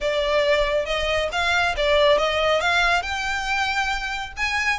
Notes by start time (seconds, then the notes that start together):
0.00 D5
0.85 D#5
1.32 F5
1.76 D5
2.18 D#5
2.60 F5
3.02 G5
4.37 G#5